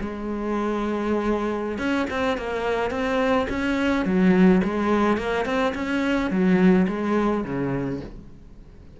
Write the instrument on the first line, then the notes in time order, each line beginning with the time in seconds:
cello
0.00 G#3
1.78 C#4
2.10 C4
2.37 A#3
2.91 C4
3.49 C#4
4.05 F#3
4.64 G#3
5.17 A#3
5.45 C4
5.75 C#4
6.30 F#3
6.88 G#3
7.44 C#3